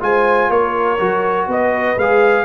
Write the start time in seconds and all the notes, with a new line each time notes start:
0.00 G#3 F4 C5 G#5
0.50 A#3 A#4 C#5
0.99 F#3 F#4
1.47 B3 B4 D#5
1.97 G#3 G#4 F5